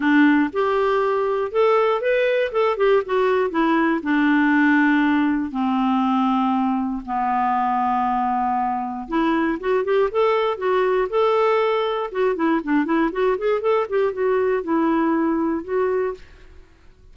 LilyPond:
\new Staff \with { instrumentName = "clarinet" } { \time 4/4 \tempo 4 = 119 d'4 g'2 a'4 | b'4 a'8 g'8 fis'4 e'4 | d'2. c'4~ | c'2 b2~ |
b2 e'4 fis'8 g'8 | a'4 fis'4 a'2 | fis'8 e'8 d'8 e'8 fis'8 gis'8 a'8 g'8 | fis'4 e'2 fis'4 | }